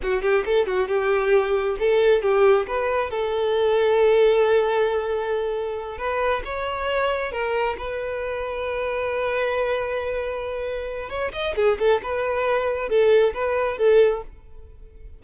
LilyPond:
\new Staff \with { instrumentName = "violin" } { \time 4/4 \tempo 4 = 135 fis'8 g'8 a'8 fis'8 g'2 | a'4 g'4 b'4 a'4~ | a'1~ | a'4. b'4 cis''4.~ |
cis''8 ais'4 b'2~ b'8~ | b'1~ | b'4 cis''8 dis''8 gis'8 a'8 b'4~ | b'4 a'4 b'4 a'4 | }